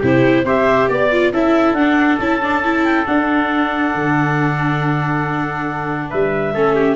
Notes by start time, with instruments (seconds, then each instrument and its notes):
0.00 tuba C3, viola E4, trumpet G4, clarinet C5
0.44 tuba C4, viola G4, trumpet C5, clarinet E5
0.89 tuba B3, trumpet D5, clarinet D5
1.12 viola F4
1.32 tuba C#4, viola E4, trumpet A4, clarinet E5
1.73 tuba D4, viola D4, clarinet F#5
2.19 tuba C#4, viola E4, clarinet A5
2.42 viola D4
2.64 viola E4
2.84 clarinet G5
3.06 viola D4, tuba D4, clarinet F#5
3.95 tuba D3
6.10 tuba G3, trumpet B4, clarinet E5
6.54 tuba A3, viola C#4, trumpet A4
6.76 trumpet G4